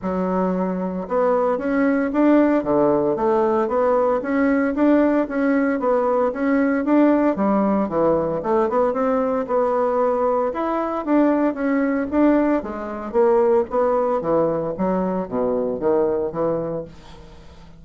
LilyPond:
\new Staff \with { instrumentName = "bassoon" } { \time 4/4 \tempo 4 = 114 fis2 b4 cis'4 | d'4 d4 a4 b4 | cis'4 d'4 cis'4 b4 | cis'4 d'4 g4 e4 |
a8 b8 c'4 b2 | e'4 d'4 cis'4 d'4 | gis4 ais4 b4 e4 | fis4 b,4 dis4 e4 | }